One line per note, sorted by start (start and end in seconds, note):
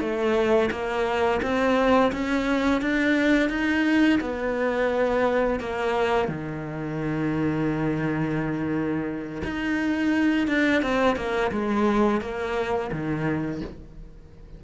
0.00 0.70 A3
0.71 1.40 A#3
1.42 2.12 C4
2.12 2.81 C#4
2.81 3.49 D4
3.49 4.19 D#4
4.21 5.59 B3
5.59 6.28 A#3
6.28 9.42 D#3
9.44 10.47 D#4
10.47 10.82 D4
10.82 11.16 C4
11.16 11.51 A#3
11.51 12.21 G#3
12.21 12.90 A#3
12.92 13.61 D#3